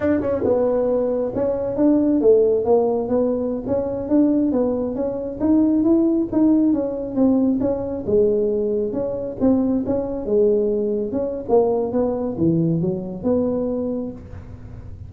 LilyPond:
\new Staff \with { instrumentName = "tuba" } { \time 4/4 \tempo 4 = 136 d'8 cis'8 b2 cis'4 | d'4 a4 ais4 b4~ | b16 cis'4 d'4 b4 cis'8.~ | cis'16 dis'4 e'4 dis'4 cis'8.~ |
cis'16 c'4 cis'4 gis4.~ gis16~ | gis16 cis'4 c'4 cis'4 gis8.~ | gis4~ gis16 cis'8. ais4 b4 | e4 fis4 b2 | }